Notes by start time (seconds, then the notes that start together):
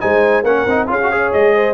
0.00 G#3 D#4 C5 G#5
0.43 A#3 C#4 A#4 F#5
0.66 C4 D#4
0.87 C#4 F4 G#4 F5
1.02 F#4
1.11 G#4 C#5
1.32 G#3 D#5
1.55 C5